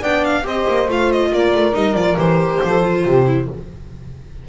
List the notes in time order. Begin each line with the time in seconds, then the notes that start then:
0.00 B3 D4 D5 G5
0.25 F5
0.43 C4 G4 C5 D#5
0.69 A#3
0.89 A3 F4 F5
1.12 D#5
1.32 A#3 A#4 D5
1.55 A3
1.73 G3 D#4 D#5
1.95 F3 F4 D5
2.17 E3 G4 C5
2.63 F3 A4
2.83 F4
3.05 C3 G4
3.27 E4